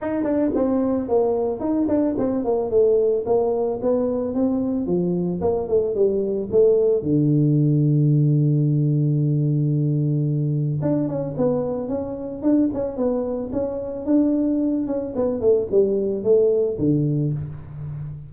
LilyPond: \new Staff \with { instrumentName = "tuba" } { \time 4/4 \tempo 4 = 111 dis'8 d'8 c'4 ais4 dis'8 d'8 | c'8 ais8 a4 ais4 b4 | c'4 f4 ais8 a8 g4 | a4 d2.~ |
d1 | d'8 cis'8 b4 cis'4 d'8 cis'8 | b4 cis'4 d'4. cis'8 | b8 a8 g4 a4 d4 | }